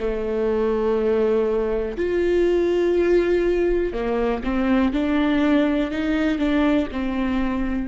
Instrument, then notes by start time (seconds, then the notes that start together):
viola
0.00 A3
1.97 F4
3.93 A#3
4.44 C4
4.93 D4
5.91 D#4
6.38 D4
6.92 C4